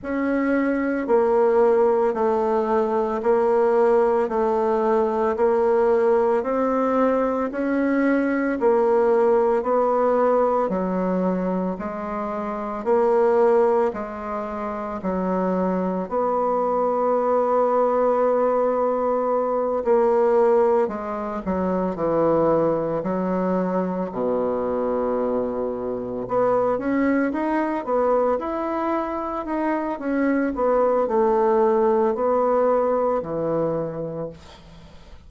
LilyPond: \new Staff \with { instrumentName = "bassoon" } { \time 4/4 \tempo 4 = 56 cis'4 ais4 a4 ais4 | a4 ais4 c'4 cis'4 | ais4 b4 fis4 gis4 | ais4 gis4 fis4 b4~ |
b2~ b8 ais4 gis8 | fis8 e4 fis4 b,4.~ | b,8 b8 cis'8 dis'8 b8 e'4 dis'8 | cis'8 b8 a4 b4 e4 | }